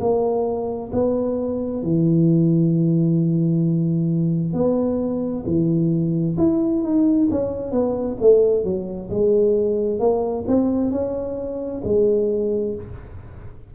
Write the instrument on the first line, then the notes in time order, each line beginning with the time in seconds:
tuba
0.00 A#3
0.92 B3
1.83 E3
4.53 B3
5.46 E3
6.38 E4
6.83 D#4
7.31 C#4
7.71 B3
8.21 A3
8.64 F#3
9.10 G#3
9.99 A#3
10.48 C4
10.91 C#4
11.84 G#3